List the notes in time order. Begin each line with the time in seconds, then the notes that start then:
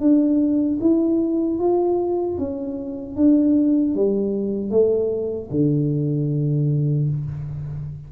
0.00 D4
0.80 E4
1.59 F4
2.38 C#4
3.16 D4
3.95 G3
4.70 A3
5.50 D3